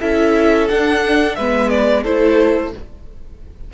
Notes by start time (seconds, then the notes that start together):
0.00 C#4 E4 A4 E5
0.68 D4 F#5
1.36 G#3 B3 B4 E5
1.70 D5
2.03 A3 E4 A4 C5